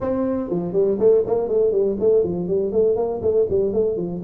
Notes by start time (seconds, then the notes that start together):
0.00 C4
0.50 F3
0.72 G3
0.99 A3
1.26 A#3
1.48 A3
1.71 G3
1.99 A3
2.23 F3
2.47 G3
2.72 A3
2.95 A#3
3.22 A3
3.49 G3
3.73 A3
3.96 F3